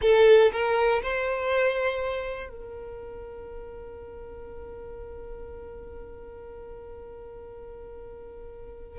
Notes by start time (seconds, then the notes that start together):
0.01 A4
0.51 A#4
1.02 C5
2.49 A#4